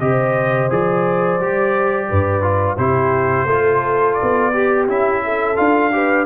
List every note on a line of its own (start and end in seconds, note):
0.00 0.70 C3
0.00 0.70 G4
0.00 2.09 C5
0.00 0.70 D#5
0.70 1.40 F3
0.70 1.40 G#4
0.70 2.78 D5
1.40 2.10 G3
1.40 2.42 G4
2.09 2.78 G2
2.09 2.77 B4
2.42 2.77 F4
2.77 3.45 C3
2.77 3.48 E4
2.77 3.47 G4
2.77 4.15 C5
3.45 4.15 A3
3.45 4.53 F4
3.45 4.53 A4
4.15 4.84 D5
4.22 4.88 B3
4.53 4.88 G4
4.53 5.23 G4
4.88 5.58 C#4
4.88 5.57 E4
4.88 5.57 E5
5.24 5.94 A4
5.57 6.26 D4
5.57 5.92 F4
5.57 6.26 F5
5.93 6.26 G4
5.93 6.26 B4